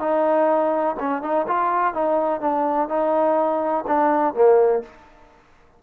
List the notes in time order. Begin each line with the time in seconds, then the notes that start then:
0.00 D#4
0.99 C#4
1.22 D#4
1.47 F4
1.94 D#4
2.40 D4
2.88 D#4
3.87 D4
4.34 A#3